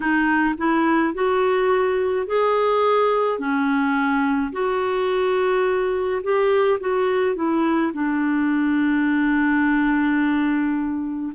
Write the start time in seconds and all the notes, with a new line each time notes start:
0.00 D#4
0.57 E4
1.13 F#4
2.26 G#4
3.39 C#4
4.52 F#4
6.23 G4
6.79 F#4
7.35 E4
7.92 D4